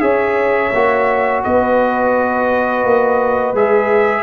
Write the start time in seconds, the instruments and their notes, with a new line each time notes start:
0.00 tuba C#4, trombone G#4, horn C#5, trumpet E5
0.73 tuba A#3, trombone F#4
1.43 tuba B3, horn B4, trumpet D#5
2.84 tuba A#3
3.53 tuba G#3, trombone G#4, trumpet E5